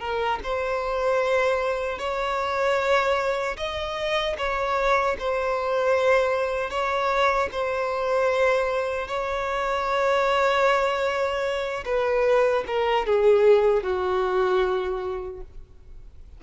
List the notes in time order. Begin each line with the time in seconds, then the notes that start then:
0.00 A#4
0.43 C5
1.99 C#5
3.57 D#5
4.37 C#5
5.19 C5
6.70 C#5
7.52 C5
9.08 C#5
11.85 B4
12.67 A#4
13.06 G#4
13.83 F#4